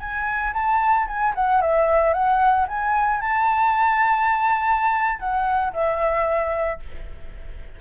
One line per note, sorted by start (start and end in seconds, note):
0.00 0.53 G#5
0.54 1.07 A5
1.07 1.33 G#5
1.35 1.61 F#5
1.61 2.14 E5
2.14 2.67 F#5
2.68 3.21 G#5
3.21 5.20 A5
5.20 5.73 F#5
5.73 6.79 E5